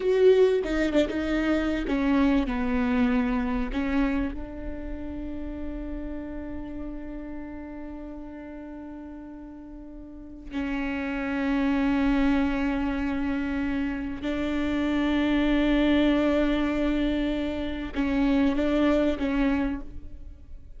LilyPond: \new Staff \with { instrumentName = "viola" } { \time 4/4 \tempo 4 = 97 fis'4 dis'8 d'16 dis'4~ dis'16 cis'4 | b2 cis'4 d'4~ | d'1~ | d'1~ |
d'4 cis'2.~ | cis'2. d'4~ | d'1~ | d'4 cis'4 d'4 cis'4 | }